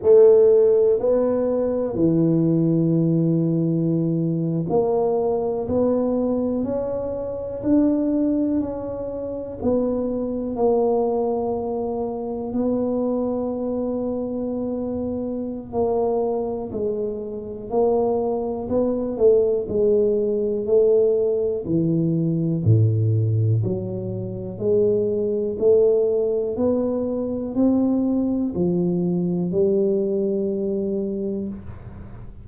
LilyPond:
\new Staff \with { instrumentName = "tuba" } { \time 4/4 \tempo 4 = 61 a4 b4 e2~ | e8. ais4 b4 cis'4 d'16~ | d'8. cis'4 b4 ais4~ ais16~ | ais8. b2.~ b16 |
ais4 gis4 ais4 b8 a8 | gis4 a4 e4 a,4 | fis4 gis4 a4 b4 | c'4 f4 g2 | }